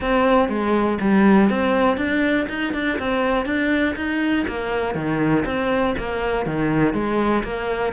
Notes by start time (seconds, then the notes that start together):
0.00 C4
0.48 G#3
1.00 G3
1.49 C4
1.97 D4
2.48 D#4
2.73 D4
2.98 C4
3.45 D4
3.95 D#4
4.47 A#3
4.95 D#3
5.45 C4
5.98 A#3
6.46 D#3
6.93 G#3
7.43 A#3